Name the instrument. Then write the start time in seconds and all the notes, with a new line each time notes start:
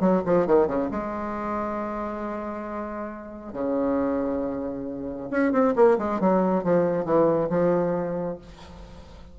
bassoon
0.00 F#3
0.25 F3
0.47 D#3
0.67 C#3
0.91 G#3
3.53 C#3
5.30 C#4
5.52 C4
5.75 A#3
5.98 G#3
6.20 F#3
6.64 F3
7.05 E3
7.49 F3